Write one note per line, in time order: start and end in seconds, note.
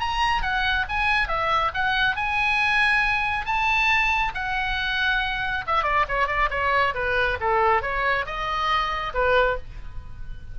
0.00 0.42 A#5
0.42 0.85 F#5
0.89 1.28 G#5
1.28 1.71 E5
1.74 2.16 F#5
2.16 3.45 G#5
3.45 4.32 A5
4.34 5.65 F#5
5.67 5.83 E5
5.83 6.05 D5
6.08 6.27 C#5
6.27 6.49 D5
6.50 6.94 C#5
6.94 7.38 B4
7.40 7.82 A4
7.82 8.25 C#5
8.26 9.13 D#5
9.14 9.57 B4